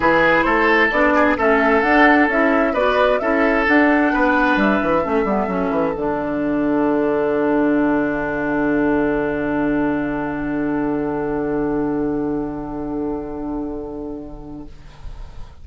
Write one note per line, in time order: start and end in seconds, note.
0.00 0.45 E3
0.00 0.91 E4
0.00 0.45 G#4
0.00 0.42 B4
0.42 0.90 A3
0.42 1.13 A4
0.42 0.88 C5
0.91 1.36 B3
0.91 1.37 D4
0.91 1.37 D5
1.15 1.37 G#4
1.37 1.83 A3
1.37 1.83 C#4
1.37 2.73 A4
1.37 1.82 E5
1.82 2.28 D4
1.82 2.30 D4
1.82 2.28 F#5
2.28 2.74 C#4
2.28 2.75 E4
2.28 2.74 E5
2.73 3.19 B3
2.73 3.20 F#4
2.73 3.19 B4
2.73 3.19 D5
3.19 3.67 C#4
3.19 3.66 E4
3.19 4.12 A4
3.19 3.65 E5
3.67 5.02 D4
3.67 4.13 D4
3.67 4.58 F#5
4.12 4.56 B3
4.12 5.03 B4
4.56 4.79 G3
4.56 5.95 E5
4.82 5.05 E3
5.02 5.24 A3
5.02 5.25 C#4
5.02 14.65 A4
5.24 5.47 G3
5.24 5.47 B3
5.47 5.70 F#3
5.47 5.93 C#4
5.70 5.93 E3
5.95 14.66 D3
5.95 14.67 D4
5.95 14.65 F#5